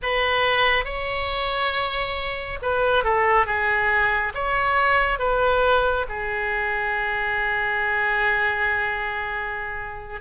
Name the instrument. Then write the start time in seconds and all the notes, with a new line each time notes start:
oboe
0.02 B4
0.85 C#5
2.61 B4
3.04 A4
3.45 G#4
4.34 C#5
5.19 B4
6.09 G#4